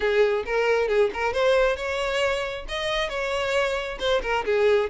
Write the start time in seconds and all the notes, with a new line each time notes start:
0.00 G#4
0.45 A#4
0.88 G#4
1.13 A#4
1.33 C5
1.76 C#5
2.68 D#5
3.09 C#5
3.99 C5
4.22 A#4
4.45 G#4